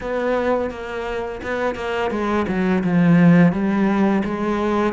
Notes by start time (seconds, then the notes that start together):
0.00 B3
0.70 A#3
1.42 B3
1.75 A#3
2.10 G#3
2.47 F#3
2.83 F3
3.52 G3
4.24 G#3